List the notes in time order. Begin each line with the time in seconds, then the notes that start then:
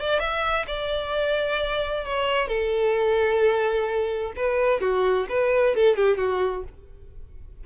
0.00 D5
0.20 E5
0.67 D5
2.05 C#5
2.48 A4
4.36 B4
4.81 F#4
5.29 B4
5.76 A4
5.96 G4
6.18 F#4